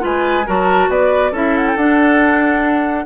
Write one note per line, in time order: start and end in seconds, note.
0.00 0.47 G#3
0.00 0.43 F4
0.00 0.46 B4
0.00 0.48 G#5
0.46 0.89 F#3
0.46 1.33 F#4
0.46 0.89 A#4
0.46 0.91 A5
0.89 1.32 B3
0.89 1.31 B4
0.89 1.34 D5
1.31 1.75 C#4
1.31 1.77 E4
1.31 3.04 A4
1.31 1.57 E5
1.57 1.67 F#5
1.67 1.77 G5
1.76 3.05 D4
1.76 3.05 F#5